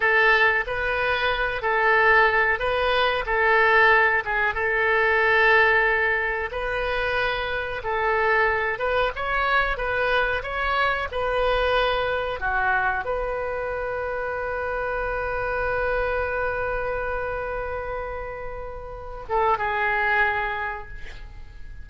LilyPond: \new Staff \with { instrumentName = "oboe" } { \time 4/4 \tempo 4 = 92 a'4 b'4. a'4. | b'4 a'4. gis'8 a'4~ | a'2 b'2 | a'4. b'8 cis''4 b'4 |
cis''4 b'2 fis'4 | b'1~ | b'1~ | b'4. a'8 gis'2 | }